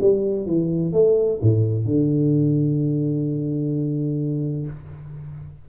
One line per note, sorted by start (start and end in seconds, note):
0.00 0.46 G3
0.46 0.92 E3
0.92 1.39 A3
1.41 1.85 A2
1.85 4.67 D3